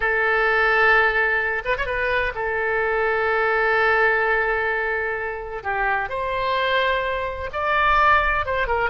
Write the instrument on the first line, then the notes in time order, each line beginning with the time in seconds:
oboe
0.00 A4
1.64 B4
1.77 C#5
1.86 B4
2.35 A4
5.63 G4
6.09 C5
7.53 D5
8.45 C5
8.67 A#4